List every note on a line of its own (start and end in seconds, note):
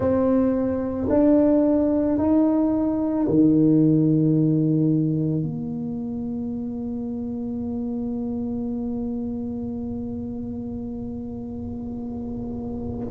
0.00 1.08 C4
1.09 2.18 D4
2.18 3.27 D#4
3.27 5.42 D#3
5.42 13.06 A#3